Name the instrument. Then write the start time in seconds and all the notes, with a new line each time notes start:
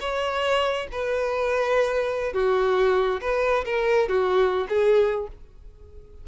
violin
0.00 C#5
0.92 B4
2.33 F#4
3.21 B4
3.65 A#4
4.09 F#4
4.69 G#4